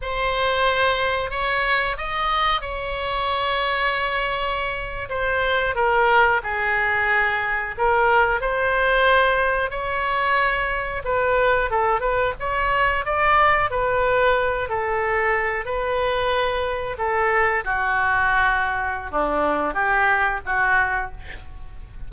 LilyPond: \new Staff \with { instrumentName = "oboe" } { \time 4/4 \tempo 4 = 91 c''2 cis''4 dis''4 | cis''2.~ cis''8. c''16~ | c''8. ais'4 gis'2 ais'16~ | ais'8. c''2 cis''4~ cis''16~ |
cis''8. b'4 a'8 b'8 cis''4 d''16~ | d''8. b'4. a'4. b'16~ | b'4.~ b'16 a'4 fis'4~ fis'16~ | fis'4 d'4 g'4 fis'4 | }